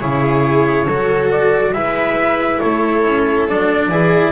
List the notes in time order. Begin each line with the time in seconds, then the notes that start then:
0.00 C#3 E4 G#4 C#5
0.86 F#3 F#4 A4
1.32 D5
1.73 G#3 E4 B4 E5
2.60 A3 A4 C#5
3.06 C#4
3.49 F#3 D4 D5
3.89 E3 E4 G#4